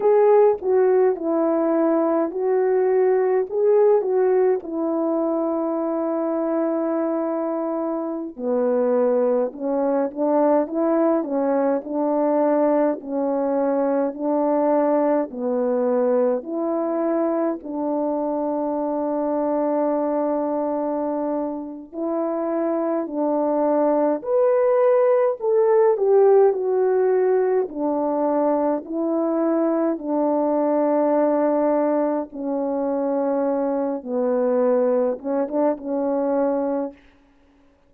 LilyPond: \new Staff \with { instrumentName = "horn" } { \time 4/4 \tempo 4 = 52 gis'8 fis'8 e'4 fis'4 gis'8 fis'8 | e'2.~ e'16 b8.~ | b16 cis'8 d'8 e'8 cis'8 d'4 cis'8.~ | cis'16 d'4 b4 e'4 d'8.~ |
d'2. e'4 | d'4 b'4 a'8 g'8 fis'4 | d'4 e'4 d'2 | cis'4. b4 cis'16 d'16 cis'4 | }